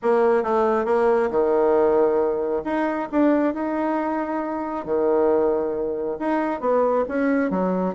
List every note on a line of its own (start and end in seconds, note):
0.02 0.43 A#3
0.43 0.85 A3
0.85 1.29 A#3
1.30 2.62 D#3
2.64 3.08 D#4
3.11 3.53 D4
3.53 4.85 D#4
4.85 6.17 D#3
6.19 6.60 D#4
6.60 7.04 B3
7.08 7.50 C#4
7.50 7.94 F#3